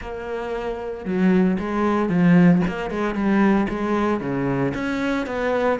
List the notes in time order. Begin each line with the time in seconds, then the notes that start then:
0.01 A#3
1.05 F#3
1.59 G#3
2.09 F3
2.67 A#3
2.90 G#3
3.14 G3
3.69 G#3
4.20 C#3
4.74 C#4
5.26 B3